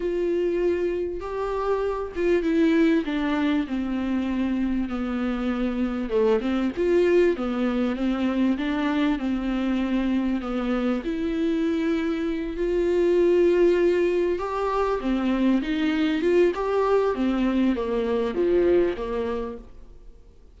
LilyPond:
\new Staff \with { instrumentName = "viola" } { \time 4/4 \tempo 4 = 98 f'2 g'4. f'8 | e'4 d'4 c'2 | b2 a8 c'8 f'4 | b4 c'4 d'4 c'4~ |
c'4 b4 e'2~ | e'8 f'2. g'8~ | g'8 c'4 dis'4 f'8 g'4 | c'4 ais4 f4 ais4 | }